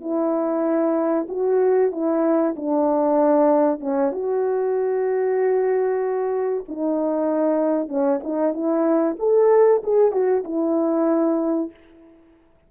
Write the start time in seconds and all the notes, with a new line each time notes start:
0.00 E4
1.28 F#4
1.91 E4
2.56 D4
3.80 C#4
4.12 F#4
6.68 D#4
7.88 C#4
8.23 D#4
8.53 E4
9.19 A4
9.83 G#4
10.11 F#4
10.44 E4